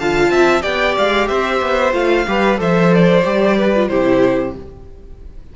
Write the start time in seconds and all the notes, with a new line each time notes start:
0.00 D3 F4 F5 A5
0.31 C4 E5
0.62 B3 G4 D5 G5
0.98 G#3 F5
1.28 C4 C5 E5
1.62 B3
1.93 A3 F4 F5
2.28 G3 G4 B4
2.57 F3 A4 C5 E5
2.95 D5
3.24 G3 G4
3.58 B4
3.76 F4
3.89 C3 E4 G4 C5